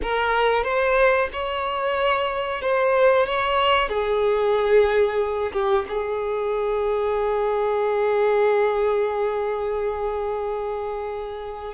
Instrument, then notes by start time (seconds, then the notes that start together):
violin
0.02 A#4
0.63 C5
1.32 C#5
2.61 C5
3.26 C#5
3.88 G#4
5.52 G4
5.88 G#4